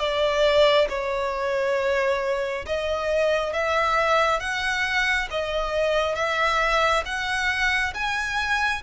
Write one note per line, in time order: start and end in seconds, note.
0.00 0.88 D5
0.89 2.66 C#5
2.66 3.53 D#5
3.53 4.40 E5
4.40 5.29 F#5
5.31 6.16 D#5
6.16 7.04 E5
7.06 7.94 F#5
7.95 8.83 G#5